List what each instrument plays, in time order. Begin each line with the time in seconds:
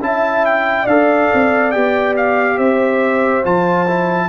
0.00 tuba C#4, trombone E4, horn E5, trumpet A5
0.45 trumpet G5
0.83 tuba D4, trombone A4, horn D5, trumpet F5
1.33 tuba C4
1.71 tuba B3, trombone G4, trumpet G5
2.16 trumpet F5
2.56 tuba C4, horn C5, trumpet E5
3.43 tuba F3, trombone F4, trumpet A5
3.88 trombone E4